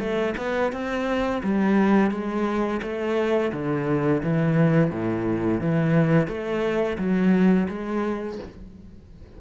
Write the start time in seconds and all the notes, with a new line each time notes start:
0.00 A3
0.38 B3
0.73 C4
1.44 G3
2.12 G#3
2.83 A3
3.53 D3
4.24 E3
4.91 A2
5.61 E3
6.28 A3
6.98 F#3
7.69 G#3